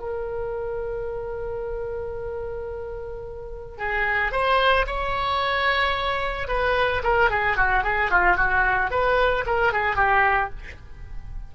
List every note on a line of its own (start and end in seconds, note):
0.00 3.78 A#4
3.78 4.31 G#4
4.31 4.86 C5
4.86 6.48 C#5
6.48 7.02 B4
7.03 7.30 A#4
7.30 7.57 G#4
7.57 7.84 F#4
7.84 8.10 G#4
8.10 8.36 F4
8.36 8.90 F#4
8.91 9.45 B4
9.46 9.73 A#4
9.73 9.96 G#4
9.96 10.50 G4